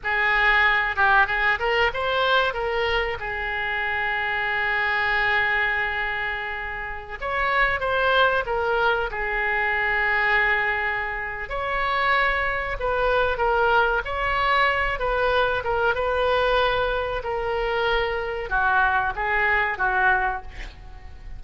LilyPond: \new Staff \with { instrumentName = "oboe" } { \time 4/4 \tempo 4 = 94 gis'4. g'8 gis'8 ais'8 c''4 | ais'4 gis'2.~ | gis'2.~ gis'16 cis''8.~ | cis''16 c''4 ais'4 gis'4.~ gis'16~ |
gis'2 cis''2 | b'4 ais'4 cis''4. b'8~ | b'8 ais'8 b'2 ais'4~ | ais'4 fis'4 gis'4 fis'4 | }